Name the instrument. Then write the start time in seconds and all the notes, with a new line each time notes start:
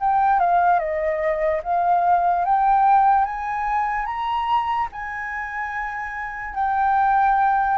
flute
0.00 G5
0.40 F5
0.79 D#5
1.63 F5
2.45 G5
3.25 G#5
4.06 A#5
4.92 G#5
6.55 G5